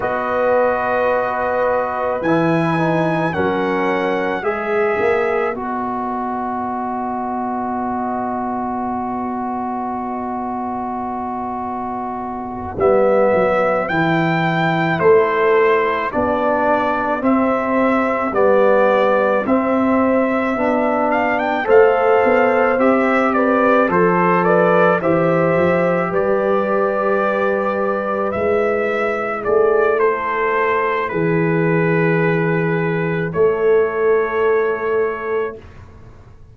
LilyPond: <<
  \new Staff \with { instrumentName = "trumpet" } { \time 4/4 \tempo 4 = 54 dis''2 gis''4 fis''4 | e''4 dis''2.~ | dis''2.~ dis''8 e''8~ | e''8 g''4 c''4 d''4 e''8~ |
e''8 d''4 e''4. f''16 g''16 f''8~ | f''8 e''8 d''8 c''8 d''8 e''4 d''8~ | d''4. e''4 d''8 c''4 | b'2 cis''2 | }
  \new Staff \with { instrumentName = "horn" } { \time 4/4 b'2. ais'4 | b'1~ | b'1~ | b'4. a'4 g'4.~ |
g'2.~ g'8 c''8~ | c''4 b'8 a'8 b'8 c''4 b'8~ | b'2~ b'8 gis'8 a'4 | gis'2 a'2 | }
  \new Staff \with { instrumentName = "trombone" } { \time 4/4 fis'2 e'8 dis'8 cis'4 | gis'4 fis'2.~ | fis'2.~ fis'8 b8~ | b8 e'2 d'4 c'8~ |
c'8 b4 c'4 d'4 a'8~ | a'8 g'4 a'4 g'4.~ | g'4. e'2~ e'8~ | e'1 | }
  \new Staff \with { instrumentName = "tuba" } { \time 4/4 b2 e4 fis4 | gis8 ais8 b2.~ | b2.~ b8 g8 | fis8 e4 a4 b4 c'8~ |
c'8 g4 c'4 b4 a8 | b8 c'4 f4 e8 f8 g8~ | g4. gis4 a4. | e2 a2 | }
>>